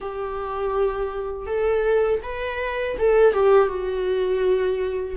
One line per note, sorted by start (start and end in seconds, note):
0.00 1.46 G4
1.46 2.20 A4
2.23 2.97 B4
2.98 3.33 A4
3.33 3.67 G4
3.67 5.15 F#4